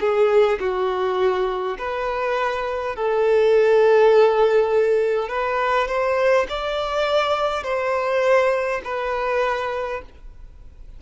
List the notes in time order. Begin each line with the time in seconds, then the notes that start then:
0.00 G#4
0.60 F#4
1.78 B4
2.96 A4
5.29 B4
5.88 C5
6.49 D5
7.64 C5
8.84 B4